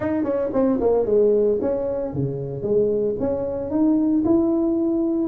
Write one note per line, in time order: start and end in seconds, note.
0.00 0.23 D#4
0.23 0.49 C#4
0.53 0.79 C4
0.80 1.05 A#3
1.05 1.58 G#3
1.61 2.13 C#4
2.13 2.62 C#3
2.62 3.15 G#3
3.19 3.70 C#4
3.70 4.23 D#4
4.25 5.28 E4